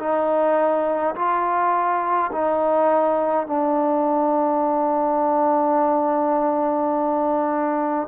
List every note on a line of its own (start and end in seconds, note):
0.00 1.15 D#4
1.16 2.31 F4
2.32 3.47 D#4
3.47 8.08 D4